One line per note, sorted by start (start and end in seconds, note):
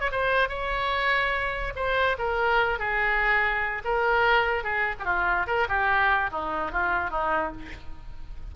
0.00 0.10 C#5
0.11 0.49 C5
0.49 1.73 C#5
1.75 2.17 C5
2.19 2.79 A#4
2.79 3.82 G#4
3.84 4.64 A#4
4.64 4.95 G#4
5.00 5.46 F4
5.00 5.05 G4
5.47 5.68 A#4
5.68 6.30 G4
6.31 6.72 D#4
6.72 7.11 F4
7.11 7.52 D#4